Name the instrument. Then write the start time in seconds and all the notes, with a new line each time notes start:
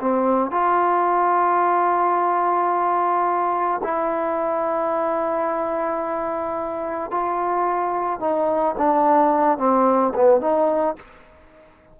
trombone
0.00 C4
0.51 F4
3.83 E4
7.11 F4
8.20 D#4
8.78 D4
9.58 C4
10.15 B3
10.41 D#4